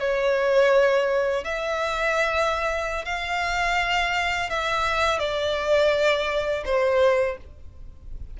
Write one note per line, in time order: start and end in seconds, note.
0.00 1.44 C#5
1.44 3.05 E5
3.05 4.50 F5
4.50 5.19 E5
5.19 6.64 D5
6.65 7.37 C5